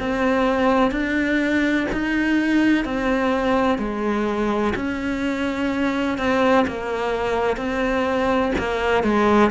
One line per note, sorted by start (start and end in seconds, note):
0.00 0.92 C4
0.92 1.87 D4
1.93 2.85 D#4
2.85 3.78 C4
3.78 4.74 G#3
4.76 6.18 C#4
6.18 6.66 C4
6.68 7.57 A#3
7.57 8.52 C4
8.59 9.04 A#3
9.04 9.51 G#3